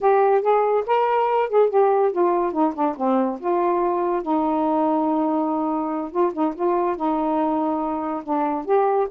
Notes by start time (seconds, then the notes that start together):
0.00 G4
0.41 G#4
0.86 A#4
1.49 G#4
1.69 G4
2.11 F4
2.52 D#4
2.74 D4
2.96 C4
3.40 F4
4.22 D#4
6.11 F4
6.33 D#4
6.55 F4
6.96 D#4
8.23 D4
8.65 G4